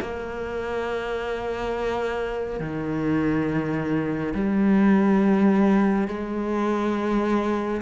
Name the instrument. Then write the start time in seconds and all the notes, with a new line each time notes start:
cello
0.00 A#3
2.59 D#3
4.34 G3
6.08 G#3